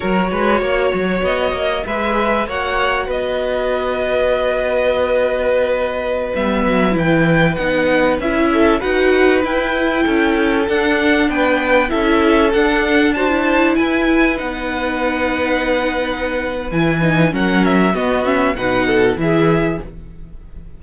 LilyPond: <<
  \new Staff \with { instrumentName = "violin" } { \time 4/4 \tempo 4 = 97 cis''2 dis''4 e''4 | fis''4 dis''2.~ | dis''2~ dis''16 e''4 g''8.~ | g''16 fis''4 e''4 fis''4 g''8.~ |
g''4~ g''16 fis''4 g''4 e''8.~ | e''16 fis''4 a''4 gis''4 fis''8.~ | fis''2. gis''4 | fis''8 e''8 dis''8 e''8 fis''4 e''4 | }
  \new Staff \with { instrumentName = "violin" } { \time 4/4 ais'8 b'8 cis''2 b'4 | cis''4 b'2.~ | b'1~ | b'4.~ b'16 a'8 b'4.~ b'16~ |
b'16 a'2 b'4 a'8.~ | a'4~ a'16 c''4 b'4.~ b'16~ | b'1 | ais'4 fis'4 b'8 a'8 gis'4 | }
  \new Staff \with { instrumentName = "viola" } { \time 4/4 fis'2. gis'4 | fis'1~ | fis'2~ fis'16 b4 e'8.~ | e'16 dis'4 e'4 fis'4 e'8.~ |
e'4~ e'16 d'2 e'8.~ | e'16 d'4 fis'16 e'4.~ e'16 dis'8.~ | dis'2. e'8 dis'8 | cis'4 b8 cis'8 dis'4 e'4 | }
  \new Staff \with { instrumentName = "cello" } { \time 4/4 fis8 gis8 ais8 fis8 b8 ais8 gis4 | ais4 b2.~ | b2~ b16 g8 fis8 e8.~ | e16 b4 cis'4 dis'4 e'8.~ |
e'16 cis'4 d'4 b4 cis'8.~ | cis'16 d'2 e'4 b8.~ | b2. e4 | fis4 b4 b,4 e4 | }
>>